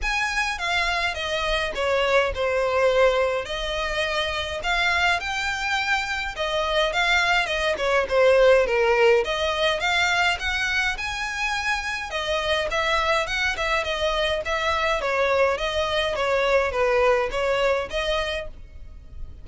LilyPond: \new Staff \with { instrumentName = "violin" } { \time 4/4 \tempo 4 = 104 gis''4 f''4 dis''4 cis''4 | c''2 dis''2 | f''4 g''2 dis''4 | f''4 dis''8 cis''8 c''4 ais'4 |
dis''4 f''4 fis''4 gis''4~ | gis''4 dis''4 e''4 fis''8 e''8 | dis''4 e''4 cis''4 dis''4 | cis''4 b'4 cis''4 dis''4 | }